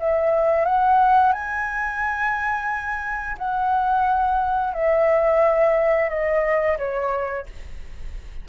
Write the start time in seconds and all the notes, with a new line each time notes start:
0.00 E5
0.65 F#5
1.33 G#5
3.38 F#5
4.74 E5
6.10 D#5
6.78 C#5